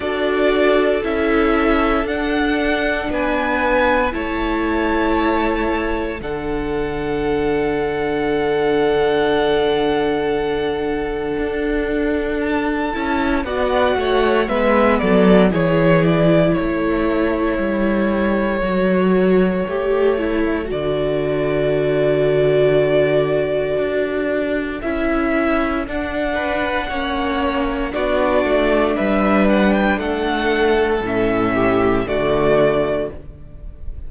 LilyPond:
<<
  \new Staff \with { instrumentName = "violin" } { \time 4/4 \tempo 4 = 58 d''4 e''4 fis''4 gis''4 | a''2 fis''2~ | fis''1 | a''4 fis''4 e''8 d''8 cis''8 d''8 |
cis''1 | d''1 | e''4 fis''2 d''4 | e''8 fis''16 g''16 fis''4 e''4 d''4 | }
  \new Staff \with { instrumentName = "violin" } { \time 4/4 a'2. b'4 | cis''2 a'2~ | a'1~ | a'4 d''8 cis''8 b'8 a'8 gis'4 |
a'1~ | a'1~ | a'4. b'8 cis''4 fis'4 | b'4 a'4. g'8 fis'4 | }
  \new Staff \with { instrumentName = "viola" } { \time 4/4 fis'4 e'4 d'2 | e'2 d'2~ | d'1~ | d'8 e'8 fis'4 b4 e'4~ |
e'2 fis'4 g'8 e'8 | fis'1 | e'4 d'4 cis'4 d'4~ | d'2 cis'4 a4 | }
  \new Staff \with { instrumentName = "cello" } { \time 4/4 d'4 cis'4 d'4 b4 | a2 d2~ | d2. d'4~ | d'8 cis'8 b8 a8 gis8 fis8 e4 |
a4 g4 fis4 a4 | d2. d'4 | cis'4 d'4 ais4 b8 a8 | g4 a4 a,4 d4 | }
>>